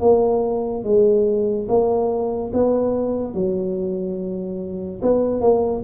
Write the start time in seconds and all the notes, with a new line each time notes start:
0.00 A#3
0.83 G#3
1.68 A#3
2.53 B3
3.34 F#3
5.02 B3
5.41 A#3